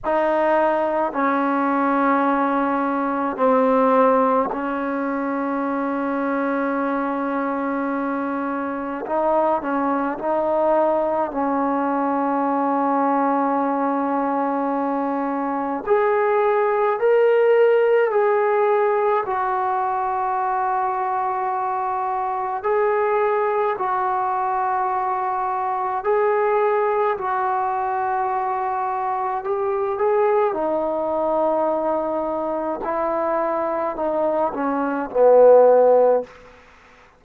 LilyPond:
\new Staff \with { instrumentName = "trombone" } { \time 4/4 \tempo 4 = 53 dis'4 cis'2 c'4 | cis'1 | dis'8 cis'8 dis'4 cis'2~ | cis'2 gis'4 ais'4 |
gis'4 fis'2. | gis'4 fis'2 gis'4 | fis'2 g'8 gis'8 dis'4~ | dis'4 e'4 dis'8 cis'8 b4 | }